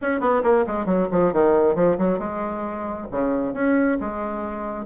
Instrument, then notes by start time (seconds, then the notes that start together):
bassoon
0.01 C#4
0.20 B3
0.43 A#3
0.66 G#3
0.85 F#3
1.11 F3
1.32 D#3
1.75 F3
1.98 F#3
2.18 G#3
3.11 C#3
3.53 C#4
4.00 G#3